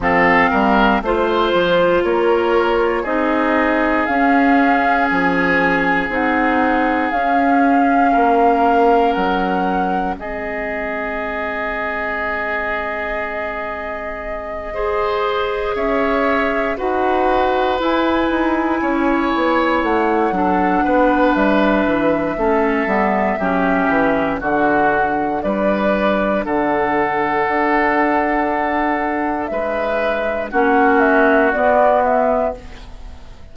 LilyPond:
<<
  \new Staff \with { instrumentName = "flute" } { \time 4/4 \tempo 4 = 59 f''4 c''4 cis''4 dis''4 | f''4 gis''4 fis''4 f''4~ | f''4 fis''4 dis''2~ | dis''2.~ dis''8 e''8~ |
e''8 fis''4 gis''2 fis''8~ | fis''4 e''2. | fis''4 d''4 fis''2~ | fis''4 e''4 fis''8 e''8 d''8 e''8 | }
  \new Staff \with { instrumentName = "oboe" } { \time 4/4 a'8 ais'8 c''4 ais'4 gis'4~ | gis'1 | ais'2 gis'2~ | gis'2~ gis'8 c''4 cis''8~ |
cis''8 b'2 cis''4. | a'8 b'4. a'4 g'4 | fis'4 b'4 a'2~ | a'4 b'4 fis'2 | }
  \new Staff \with { instrumentName = "clarinet" } { \time 4/4 c'4 f'2 dis'4 | cis'2 dis'4 cis'4~ | cis'2 c'2~ | c'2~ c'8 gis'4.~ |
gis'8 fis'4 e'2~ e'8 | d'2 cis'8 b8 cis'4 | d'1~ | d'2 cis'4 b4 | }
  \new Staff \with { instrumentName = "bassoon" } { \time 4/4 f8 g8 a8 f8 ais4 c'4 | cis'4 f4 c'4 cis'4 | ais4 fis4 gis2~ | gis2.~ gis8 cis'8~ |
cis'8 dis'4 e'8 dis'8 cis'8 b8 a8 | fis8 b8 g8 e8 a8 g8 fis8 e8 | d4 g4 d4 d'4~ | d'4 gis4 ais4 b4 | }
>>